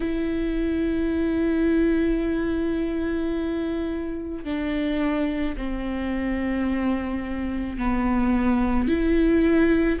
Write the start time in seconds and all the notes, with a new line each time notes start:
0.00 E4
4.44 D4
5.57 C4
7.78 B3
8.88 E4